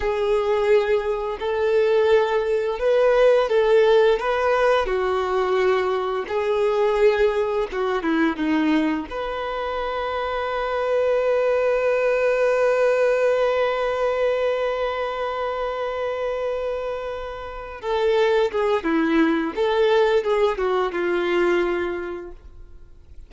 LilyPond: \new Staff \with { instrumentName = "violin" } { \time 4/4 \tempo 4 = 86 gis'2 a'2 | b'4 a'4 b'4 fis'4~ | fis'4 gis'2 fis'8 e'8 | dis'4 b'2.~ |
b'1~ | b'1~ | b'4. a'4 gis'8 e'4 | a'4 gis'8 fis'8 f'2 | }